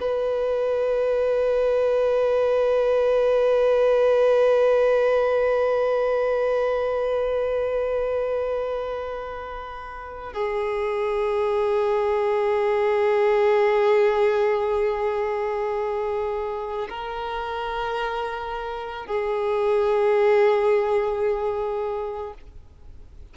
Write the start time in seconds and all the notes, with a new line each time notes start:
0.00 B4
10.33 G#4
16.89 A#4
19.06 G#4